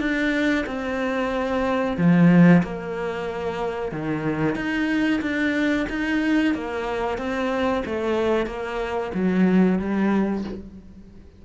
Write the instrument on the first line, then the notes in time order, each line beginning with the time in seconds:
cello
0.00 D4
0.67 C4
1.97 F3
2.63 A#3
3.92 D#3
4.56 D#4
5.22 D4
5.90 D#4
6.55 A#3
7.18 C4
7.86 A3
8.47 A#3
9.14 F#3
9.79 G3